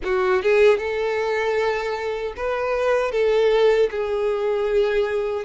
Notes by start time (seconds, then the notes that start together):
0.04 F#4
0.42 G#4
0.78 A4
2.36 B4
3.11 A4
3.90 G#4